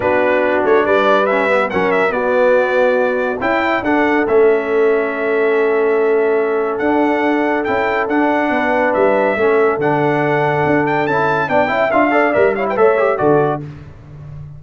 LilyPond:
<<
  \new Staff \with { instrumentName = "trumpet" } { \time 4/4 \tempo 4 = 141 b'4. cis''8 d''4 e''4 | fis''8 e''8 d''2. | g''4 fis''4 e''2~ | e''1 |
fis''2 g''4 fis''4~ | fis''4 e''2 fis''4~ | fis''4. g''8 a''4 g''4 | f''4 e''8 f''16 g''16 e''4 d''4 | }
  \new Staff \with { instrumentName = "horn" } { \time 4/4 fis'2 b'2 | ais'4 fis'2. | e'4 a'2.~ | a'1~ |
a'1 | b'2 a'2~ | a'2. d''8 e''8~ | e''8 d''4 cis''16 b'16 cis''4 a'4 | }
  \new Staff \with { instrumentName = "trombone" } { \time 4/4 d'2. cis'8 b8 | cis'4 b2. | e'4 d'4 cis'2~ | cis'1 |
d'2 e'4 d'4~ | d'2 cis'4 d'4~ | d'2 e'4 d'8 e'8 | f'8 a'8 ais'8 e'8 a'8 g'8 fis'4 | }
  \new Staff \with { instrumentName = "tuba" } { \time 4/4 b4. a8 g2 | fis4 b2. | cis'4 d'4 a2~ | a1 |
d'2 cis'4 d'4 | b4 g4 a4 d4~ | d4 d'4 cis'4 b8 cis'8 | d'4 g4 a4 d4 | }
>>